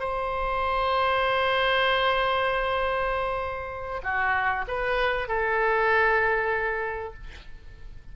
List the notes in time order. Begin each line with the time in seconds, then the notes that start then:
0.00 C5
4.03 F#4
4.68 B4
5.29 A4